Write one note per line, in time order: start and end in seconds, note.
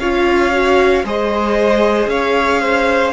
0.00 1.05 C#4
0.00 0.52 F4
0.00 1.05 C#5
0.00 1.05 F5
0.52 1.05 F#4
1.05 2.07 G#3
1.05 3.14 G#4
1.05 2.11 C5
1.05 2.10 D#5
2.07 3.13 C#4
2.07 2.62 C#5
2.07 3.14 F5
2.62 3.14 C5